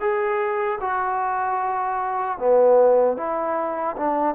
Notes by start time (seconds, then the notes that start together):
0.00 G#4
0.81 F#4
2.38 B3
3.17 E4
3.97 D4